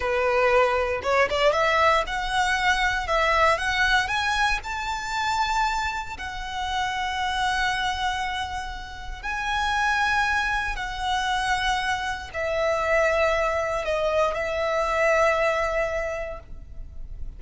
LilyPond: \new Staff \with { instrumentName = "violin" } { \time 4/4 \tempo 4 = 117 b'2 cis''8 d''8 e''4 | fis''2 e''4 fis''4 | gis''4 a''2. | fis''1~ |
fis''2 gis''2~ | gis''4 fis''2. | e''2. dis''4 | e''1 | }